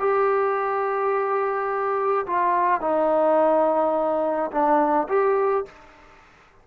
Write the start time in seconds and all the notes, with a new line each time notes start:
0.00 G4
2.27 F4
2.81 D#4
4.51 D4
5.09 G4